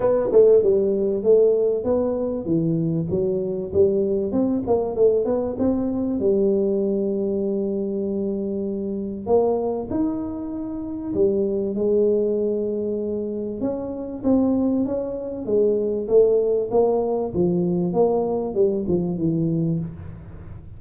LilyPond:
\new Staff \with { instrumentName = "tuba" } { \time 4/4 \tempo 4 = 97 b8 a8 g4 a4 b4 | e4 fis4 g4 c'8 ais8 | a8 b8 c'4 g2~ | g2. ais4 |
dis'2 g4 gis4~ | gis2 cis'4 c'4 | cis'4 gis4 a4 ais4 | f4 ais4 g8 f8 e4 | }